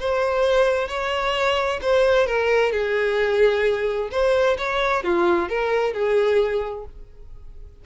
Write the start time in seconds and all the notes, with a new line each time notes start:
0.00 C5
0.89 C#5
1.82 C5
2.27 A#4
2.72 G#4
4.12 C5
4.58 C#5
5.04 F4
5.49 A#4
5.94 G#4